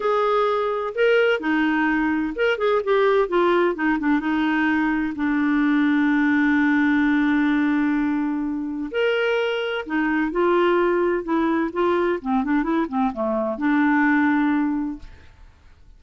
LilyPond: \new Staff \with { instrumentName = "clarinet" } { \time 4/4 \tempo 4 = 128 gis'2 ais'4 dis'4~ | dis'4 ais'8 gis'8 g'4 f'4 | dis'8 d'8 dis'2 d'4~ | d'1~ |
d'2. ais'4~ | ais'4 dis'4 f'2 | e'4 f'4 c'8 d'8 e'8 c'8 | a4 d'2. | }